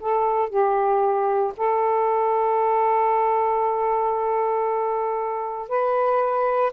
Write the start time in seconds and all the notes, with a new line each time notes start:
0.00 A4
0.50 G4
1.57 A4
5.69 B4